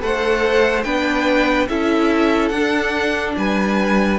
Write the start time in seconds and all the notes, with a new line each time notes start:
0.00 A3 A4 C5 F#5
0.83 B3 D4 B4 G5
1.69 C#4 E4 A4 E5
2.48 D4 F#5
2.55 D4
3.37 G3 B4 G#5